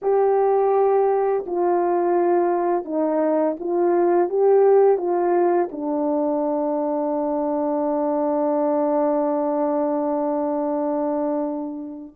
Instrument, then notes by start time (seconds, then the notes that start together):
horn
0.02 G4
1.46 F4
2.84 D#4
3.59 F4
4.29 G4
4.97 F4
5.71 D4